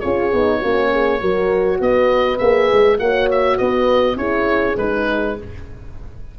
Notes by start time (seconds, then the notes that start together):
0.00 C#4 F4 G#4 C#5
0.33 B3 D#4
0.59 A#3 C#4 F#4
0.92 G#4
1.20 F#3 F#4 A#4
1.80 B3 B4 D#5
2.38 A#3 G#4 E5
2.73 G#3
2.99 A#3 F#4 C#5 F#5
3.31 E5
3.58 B3 B4 D#5
4.17 C#4 E4 G#4 C#5
4.77 G#3 D#4 B4